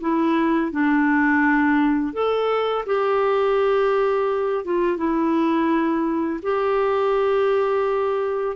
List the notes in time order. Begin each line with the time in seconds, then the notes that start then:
0.00 E4
0.71 D4
2.13 A4
2.86 G4
4.65 F4
4.97 E4
6.43 G4